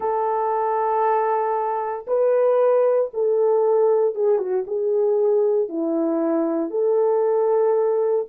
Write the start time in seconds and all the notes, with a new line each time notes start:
0.00 A4
2.07 B4
3.13 A4
4.14 G#4
4.38 F#4
4.66 G#4
5.68 E4
6.70 A4